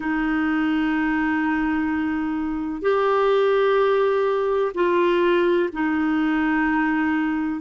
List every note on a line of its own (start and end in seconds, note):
0.00 2.81 D#4
2.81 4.71 G4
4.74 5.69 F4
5.72 7.60 D#4